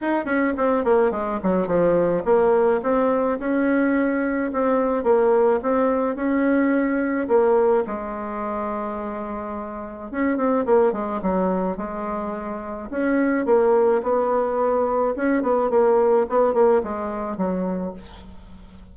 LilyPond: \new Staff \with { instrumentName = "bassoon" } { \time 4/4 \tempo 4 = 107 dis'8 cis'8 c'8 ais8 gis8 fis8 f4 | ais4 c'4 cis'2 | c'4 ais4 c'4 cis'4~ | cis'4 ais4 gis2~ |
gis2 cis'8 c'8 ais8 gis8 | fis4 gis2 cis'4 | ais4 b2 cis'8 b8 | ais4 b8 ais8 gis4 fis4 | }